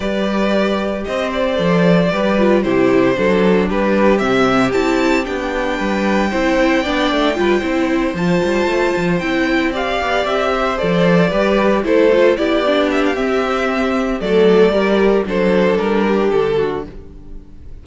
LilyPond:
<<
  \new Staff \with { instrumentName = "violin" } { \time 4/4 \tempo 4 = 114 d''2 dis''8 d''4.~ | d''4 c''2 b'4 | e''4 a''4 g''2~ | g''2.~ g''8 a''8~ |
a''4. g''4 f''4 e''8~ | e''8 d''2 c''4 d''8~ | d''8 e''16 f''16 e''2 d''4~ | d''4 c''4 ais'4 a'4 | }
  \new Staff \with { instrumentName = "violin" } { \time 4/4 b'2 c''2 | b'4 g'4 a'4 g'4~ | g'2. b'4 | c''4 d''4 b'8 c''4.~ |
c''2~ c''8 d''4. | c''4. b'4 a'4 g'8~ | g'2. a'4 | ais'4 a'4. g'4 fis'8 | }
  \new Staff \with { instrumentName = "viola" } { \time 4/4 g'2. a'4 | g'8 f'8 e'4 d'2 | c'4 e'4 d'2 | e'4 d'4 f'8 e'4 f'8~ |
f'4. e'4 g'4.~ | g'8 a'4 g'4 e'8 f'8 e'8 | d'4 c'2 a4 | g4 d'2. | }
  \new Staff \with { instrumentName = "cello" } { \time 4/4 g2 c'4 f4 | g4 c4 fis4 g4 | c4 c'4 b4 g4 | c'4 b8 a8 g8 c'4 f8 |
g8 a8 f8 c'4. b8 c'8~ | c'8 f4 g4 a4 b8~ | b4 c'2 fis4 | g4 fis4 g4 d4 | }
>>